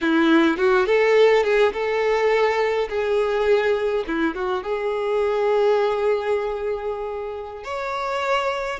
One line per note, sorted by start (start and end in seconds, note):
0.01 0.57 E4
0.57 0.85 F#4
0.85 1.43 A4
1.43 1.72 G#4
1.73 2.88 A4
2.89 4.04 G#4
4.07 4.34 E4
4.34 4.63 F#4
4.63 7.64 G#4
7.64 8.79 C#5